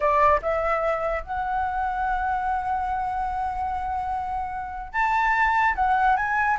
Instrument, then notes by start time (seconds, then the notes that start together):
flute
0.00 D5
0.41 E5
1.23 F#5
4.92 A5
5.75 F#5
6.16 G#5